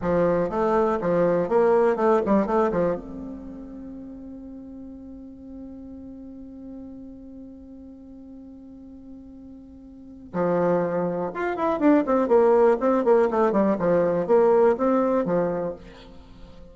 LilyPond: \new Staff \with { instrumentName = "bassoon" } { \time 4/4 \tempo 4 = 122 f4 a4 f4 ais4 | a8 g8 a8 f8 c'2~ | c'1~ | c'1~ |
c'1~ | c'4 f2 f'8 e'8 | d'8 c'8 ais4 c'8 ais8 a8 g8 | f4 ais4 c'4 f4 | }